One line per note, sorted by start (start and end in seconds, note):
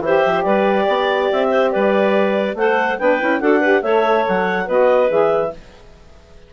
0.00 0.21 E3
0.00 2.56 G4
0.00 0.45 C5
0.00 0.43 E5
0.26 0.45 F3
0.43 0.87 G3
0.43 0.86 B4
0.43 1.27 D5
0.86 1.30 B3
0.86 1.49 D5
1.32 1.75 C4
1.32 1.71 E5
1.50 1.71 C5
1.71 2.54 G3
1.71 2.57 B4
1.71 2.55 D5
2.54 2.96 A3
2.54 2.99 A4
2.54 2.99 C5
2.54 2.98 F#5
2.98 3.21 B3
2.98 3.20 D4
2.98 3.41 B4
2.98 3.40 G5
3.20 3.40 C#4
3.20 3.41 E4
3.40 3.83 D4
3.40 3.62 F#4
3.40 3.60 A4
3.40 3.82 F#5
3.60 3.82 G4
3.60 3.81 B4
3.82 4.25 A3
3.82 4.67 A4
3.82 4.66 C#5
3.82 4.24 E5
4.28 4.68 F#3
4.28 4.69 F#5
4.66 5.10 B3
4.66 5.09 F#4
4.66 5.50 B4
4.66 5.11 D#5
5.09 5.52 E3
5.09 5.51 G#4
5.09 5.53 E5